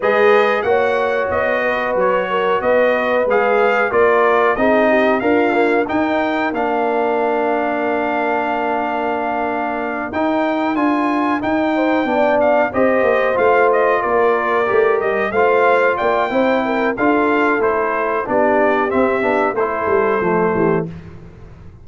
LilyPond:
<<
  \new Staff \with { instrumentName = "trumpet" } { \time 4/4 \tempo 4 = 92 dis''4 fis''4 dis''4 cis''4 | dis''4 f''4 d''4 dis''4 | f''4 g''4 f''2~ | f''2.~ f''8 g''8~ |
g''8 gis''4 g''4. f''8 dis''8~ | dis''8 f''8 dis''8 d''4. dis''8 f''8~ | f''8 g''4. f''4 c''4 | d''4 e''4 c''2 | }
  \new Staff \with { instrumentName = "horn" } { \time 4/4 b'4 cis''4. b'4 ais'8 | b'2 ais'4 gis'8 g'8 | f'4 ais'2.~ | ais'1~ |
ais'2 c''8 d''4 c''8~ | c''4. ais'2 c''8~ | c''8 d''8 c''8 ais'8 a'2 | g'2 a'4. g'8 | }
  \new Staff \with { instrumentName = "trombone" } { \time 4/4 gis'4 fis'2.~ | fis'4 gis'4 f'4 dis'4 | ais'8 ais8 dis'4 d'2~ | d'2.~ d'8 dis'8~ |
dis'8 f'4 dis'4 d'4 g'8~ | g'8 f'2 g'4 f'8~ | f'4 e'4 f'4 e'4 | d'4 c'8 d'8 e'4 a4 | }
  \new Staff \with { instrumentName = "tuba" } { \time 4/4 gis4 ais4 b4 fis4 | b4 gis4 ais4 c'4 | d'4 dis'4 ais2~ | ais2.~ ais8 dis'8~ |
dis'8 d'4 dis'4 b4 c'8 | ais8 a4 ais4 a8 g8 a8~ | a8 ais8 c'4 d'4 a4 | b4 c'8 b8 a8 g8 f8 e8 | }
>>